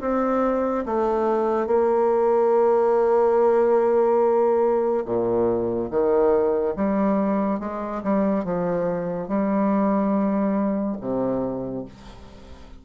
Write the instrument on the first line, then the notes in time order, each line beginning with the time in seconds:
bassoon
0.00 C4
0.85 A3
1.67 A#3
5.05 A#2
5.90 D#3
6.76 G3
7.59 G#3
8.03 G3
8.44 F3
9.28 G3
11.01 C3